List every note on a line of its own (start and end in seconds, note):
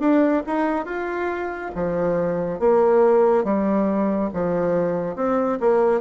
0.00 0.43 D4
0.47 0.86 D#4
0.86 1.72 F4
1.75 2.60 F3
2.60 3.44 A#3
3.44 4.30 G3
4.34 5.16 F3
5.16 5.59 C4
5.61 6.01 A#3